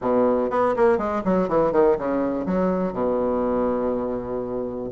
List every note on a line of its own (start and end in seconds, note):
0.01 0.50 B2
0.50 0.74 B3
0.76 0.97 A#3
0.97 1.22 G#3
1.24 1.48 F#3
1.48 1.72 E3
1.72 1.96 D#3
1.97 2.45 C#3
2.45 2.92 F#3
2.92 4.89 B2